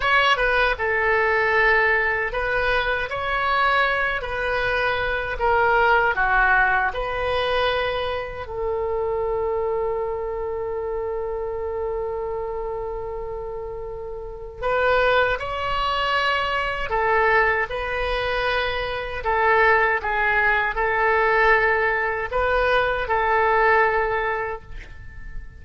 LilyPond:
\new Staff \with { instrumentName = "oboe" } { \time 4/4 \tempo 4 = 78 cis''8 b'8 a'2 b'4 | cis''4. b'4. ais'4 | fis'4 b'2 a'4~ | a'1~ |
a'2. b'4 | cis''2 a'4 b'4~ | b'4 a'4 gis'4 a'4~ | a'4 b'4 a'2 | }